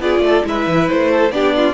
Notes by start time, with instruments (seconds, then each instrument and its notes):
0.00 cello B3, viola F4, violin G#4 D5
0.19 cello A3, violin A4
0.44 cello G#3, viola E4, violin B4 E5
0.67 cello E3
0.89 cello A3, violin C5
1.11 violin A4
1.31 cello B3, viola D4, violin G4 D5
1.56 violin F4